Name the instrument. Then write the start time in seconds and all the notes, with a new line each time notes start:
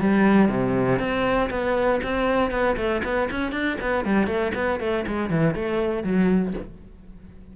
cello
0.00 G3
0.49 C3
0.99 C4
1.49 B3
2.03 C4
2.50 B3
2.76 A3
3.04 B3
3.30 C#4
3.52 D4
3.80 B3
4.05 G3
4.26 A3
4.54 B3
4.80 A3
5.07 G#3
5.30 E3
5.55 A3
6.03 F#3